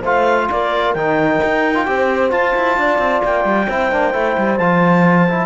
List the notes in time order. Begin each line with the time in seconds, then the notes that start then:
0.00 A3 F4 C5 F5
0.50 A#3 A#4 D5
0.94 D#3 D#4 G5
1.44 D#4
1.75 F4
1.86 C4 G4 C5
2.30 F4 A5
2.56 E4
2.77 D4 D5
2.98 C4
3.24 A#3 G5
3.45 G3
3.67 C4 E4 C5
3.92 A#3 D4
4.13 A3 E4
4.38 G3
4.57 F3 F4 A5
5.29 E4